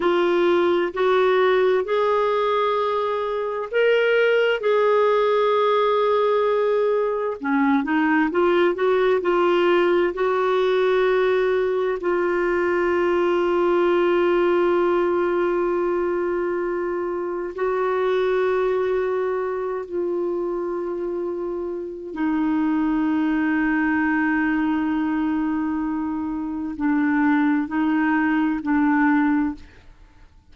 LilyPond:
\new Staff \with { instrumentName = "clarinet" } { \time 4/4 \tempo 4 = 65 f'4 fis'4 gis'2 | ais'4 gis'2. | cis'8 dis'8 f'8 fis'8 f'4 fis'4~ | fis'4 f'2.~ |
f'2. fis'4~ | fis'4. f'2~ f'8 | dis'1~ | dis'4 d'4 dis'4 d'4 | }